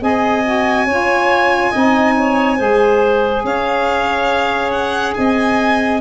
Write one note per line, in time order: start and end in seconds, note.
0.00 0.86 C4
0.00 0.43 G#4
0.00 0.86 D#5
0.00 3.45 G#5
0.45 0.88 F#4
0.86 1.72 C#4
0.86 1.73 F4
0.86 1.70 C#5
1.70 2.60 C4
1.70 2.58 D#4
1.70 2.13 D#5
2.17 2.57 C#5
2.57 3.44 G#3
2.57 6.01 G#4
2.57 3.43 C5
3.44 5.15 C#4
3.44 5.16 C#5
3.44 4.71 F5
4.71 5.14 F#5
5.14 6.01 C4
5.14 6.01 D#5
5.14 6.00 G#5